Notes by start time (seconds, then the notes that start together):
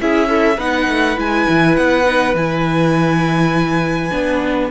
0.00 C#4 E4 G#4 E5
0.27 E4 A4
0.56 B3 D#4 B4 F#5
0.88 A3
1.16 G#3 E4 G#5
1.48 E3
1.76 B3 F#5
2.05 D#4
2.34 E3 E4 G#5
4.11 B3 D4